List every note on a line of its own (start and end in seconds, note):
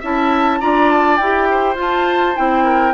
0.00 0.61 C#4
0.00 0.61 E4
0.00 0.58 E5
0.00 0.61 A5
0.61 1.20 D4
0.61 1.19 F4
0.61 1.48 D5
0.61 0.90 A#5
0.90 1.17 A5
1.17 1.75 E4
1.17 1.76 G4
1.17 1.75 G5
1.51 2.64 C5
1.75 2.33 F4
1.75 2.34 F4
1.75 2.36 A5
2.36 2.94 C4
2.36 2.94 E4
2.36 2.94 G5
2.64 2.93 A#4